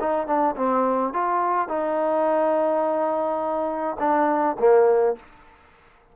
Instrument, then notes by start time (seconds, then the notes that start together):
trombone
0.00 D#4
0.26 D4
0.56 C4
1.13 F4
1.68 D#4
3.99 D4
4.59 A#3